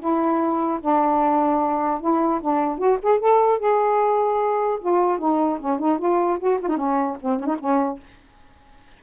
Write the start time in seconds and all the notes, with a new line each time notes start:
0.00 E4
0.81 D4
2.01 E4
2.41 D4
2.78 F#4
3.03 G#4
3.20 A4
3.59 G#4
4.81 F4
5.19 D#4
5.60 C#4
5.79 D#4
5.99 F4
6.39 F#4
6.61 F4
6.69 D#4
6.77 C#4
7.21 C4
7.40 C#4
7.46 D#4
7.60 C#4